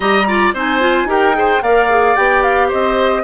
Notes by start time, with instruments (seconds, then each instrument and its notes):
0.00 bassoon G3, clarinet G4, oboe D#5, flute A#5
0.27 clarinet F4, oboe D5
0.53 bassoon C4, clarinet D#4, oboe C5, flute G#5
0.80 clarinet F4
1.04 bassoon D#4, clarinet G4, oboe A#4
1.11 flute G5
1.33 clarinet G#4, oboe C5
1.62 bassoon A#3, clarinet A#4, oboe D5, flute F5
1.89 clarinet G#4
2.15 bassoon B3, clarinet G4, flute G5
2.43 flute F5
2.68 bassoon C4, oboe C5, flute D#5